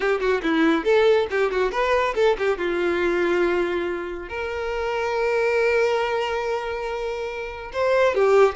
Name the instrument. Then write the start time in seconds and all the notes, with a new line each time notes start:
violin
0.00 G4
0.20 F#4
0.42 E4
0.84 A4
1.30 G4
1.51 F#4
1.71 B4
2.15 A4
2.38 G4
2.57 F4
4.28 A#4
7.73 C5
8.14 G4